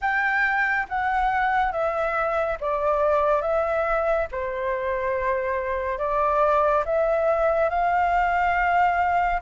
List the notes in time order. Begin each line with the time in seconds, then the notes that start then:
0.01 G5
0.88 F#5
1.71 E5
2.60 D5
3.41 E5
4.31 C5
5.98 D5
6.85 E5
7.69 F5